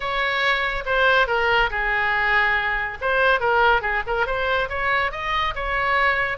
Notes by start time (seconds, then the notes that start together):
0.00 C#5
0.85 C5
1.27 A#4
1.70 G#4
3.01 C5
3.39 A#4
3.81 G#4
4.06 A#4
4.26 C5
4.69 C#5
5.11 D#5
5.55 C#5